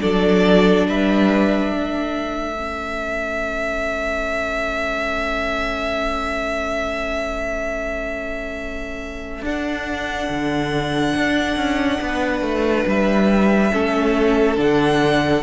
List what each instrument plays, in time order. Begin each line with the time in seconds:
0.00 cello F#3, viola D4, violin A4 D5
0.87 cello G3, violin B4 E5
1.71 cello A3, violin A4
2.56 viola C#4
9.42 cello D4, viola D4, violin F#5
10.29 cello D3
11.16 cello D4
11.56 cello C#4
12.01 cello B3, violin B4
12.41 cello A3
12.86 cello G3, violin E5
13.72 cello A3, viola C#4, violin A4
14.57 cello D3, viola D4, violin F#5